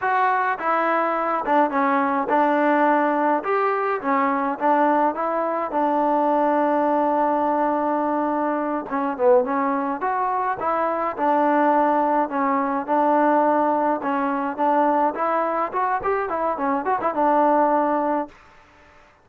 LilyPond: \new Staff \with { instrumentName = "trombone" } { \time 4/4 \tempo 4 = 105 fis'4 e'4. d'8 cis'4 | d'2 g'4 cis'4 | d'4 e'4 d'2~ | d'2.~ d'8 cis'8 |
b8 cis'4 fis'4 e'4 d'8~ | d'4. cis'4 d'4.~ | d'8 cis'4 d'4 e'4 fis'8 | g'8 e'8 cis'8 fis'16 e'16 d'2 | }